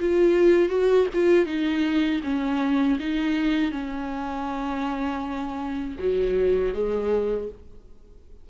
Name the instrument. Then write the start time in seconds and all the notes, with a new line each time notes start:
viola
0.00 F4
0.69 F#4
1.14 F4
1.46 D#4
2.23 C#4
2.99 D#4
3.71 C#4
5.99 F#3
6.74 G#3